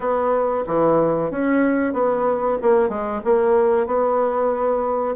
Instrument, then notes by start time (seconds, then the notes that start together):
bassoon
0.00 B3
0.67 E3
1.30 C#4
1.93 B3
2.62 A#3
2.89 G#3
3.24 A#3
3.86 B3